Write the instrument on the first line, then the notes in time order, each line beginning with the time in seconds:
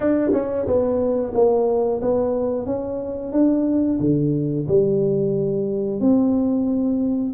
tuba
0.00 D4
0.32 C#4
0.66 B3
1.34 A#3
2.01 B3
2.65 C#4
3.32 D4
4.00 D3
4.68 G3
6.00 C4